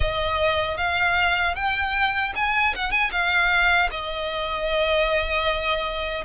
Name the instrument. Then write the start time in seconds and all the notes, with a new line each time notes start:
violin
0.00 D#5
0.77 F5
1.55 G5
2.35 G#5
2.75 F#5
2.91 G#5
3.11 F5
3.90 D#5